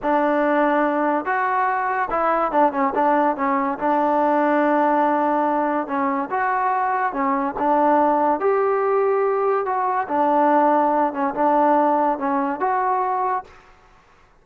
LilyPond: \new Staff \with { instrumentName = "trombone" } { \time 4/4 \tempo 4 = 143 d'2. fis'4~ | fis'4 e'4 d'8 cis'8 d'4 | cis'4 d'2.~ | d'2 cis'4 fis'4~ |
fis'4 cis'4 d'2 | g'2. fis'4 | d'2~ d'8 cis'8 d'4~ | d'4 cis'4 fis'2 | }